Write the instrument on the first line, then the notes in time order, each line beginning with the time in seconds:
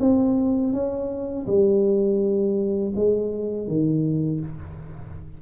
tuba
0.00 C4
0.73 C#4
1.47 G3
2.95 G#3
3.68 D#3